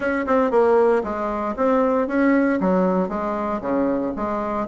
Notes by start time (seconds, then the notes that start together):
0.00 C#4
0.26 C4
0.50 A#3
1.03 G#3
1.56 C4
2.07 C#4
2.60 F#3
3.08 G#3
3.61 C#3
4.15 G#3